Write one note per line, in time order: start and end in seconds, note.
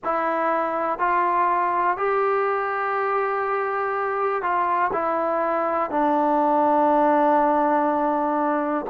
0.04 0.98 E4
0.98 1.97 F4
1.97 4.42 G4
4.42 4.91 F4
4.92 5.90 E4
5.90 8.85 D4